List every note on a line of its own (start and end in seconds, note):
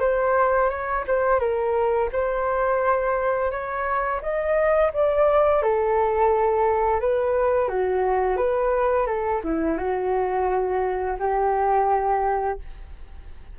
0.00 0.69 C5
0.69 1.04 C#5
1.07 1.40 C5
1.40 2.09 A#4
2.12 3.51 C5
3.51 4.21 C#5
4.22 4.92 D#5
4.93 5.63 D5
5.63 7.01 A4
7.01 7.69 B4
7.69 8.37 F#4
8.37 9.07 B4
9.07 9.42 A4
9.43 9.78 E4
9.78 11.17 F#4
11.19 12.59 G4